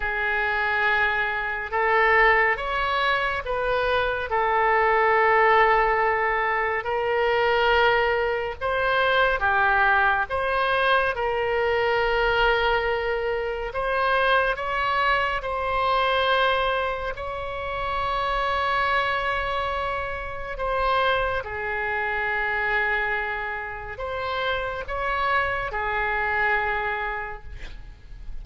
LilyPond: \new Staff \with { instrumentName = "oboe" } { \time 4/4 \tempo 4 = 70 gis'2 a'4 cis''4 | b'4 a'2. | ais'2 c''4 g'4 | c''4 ais'2. |
c''4 cis''4 c''2 | cis''1 | c''4 gis'2. | c''4 cis''4 gis'2 | }